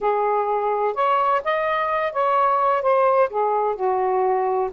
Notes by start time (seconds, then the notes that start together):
0.00 G#4
0.94 C#5
1.44 D#5
2.12 C#5
2.82 C5
3.29 G#4
3.75 F#4